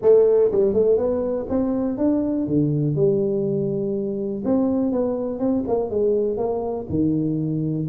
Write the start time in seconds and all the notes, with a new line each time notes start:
0.02 A3
0.51 G3
0.73 A3
0.97 B3
1.49 C4
1.97 D4
2.46 D3
2.95 G3
4.44 C4
4.92 B3
5.39 C4
5.67 A#3
5.89 G#3
6.37 A#3
6.89 D#3